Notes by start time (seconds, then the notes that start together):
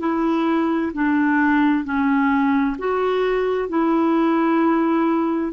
0.00 E4
0.94 D4
1.85 C#4
2.79 F#4
3.69 E4